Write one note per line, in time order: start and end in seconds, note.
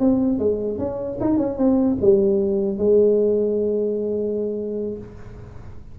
0.00 0.39 C4
0.39 0.79 G#3
0.79 1.19 C#4
1.21 1.38 D#4
1.38 1.58 C#4
1.58 1.98 C4
2.02 2.79 G3
2.79 4.99 G#3